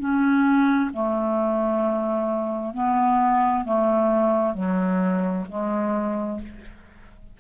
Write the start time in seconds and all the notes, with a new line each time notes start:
0.00 C#4
0.94 A3
2.74 B3
3.65 A3
4.55 F#3
5.49 G#3